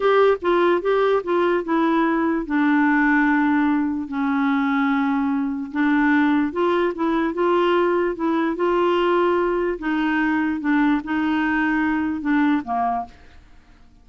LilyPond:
\new Staff \with { instrumentName = "clarinet" } { \time 4/4 \tempo 4 = 147 g'4 f'4 g'4 f'4 | e'2 d'2~ | d'2 cis'2~ | cis'2 d'2 |
f'4 e'4 f'2 | e'4 f'2. | dis'2 d'4 dis'4~ | dis'2 d'4 ais4 | }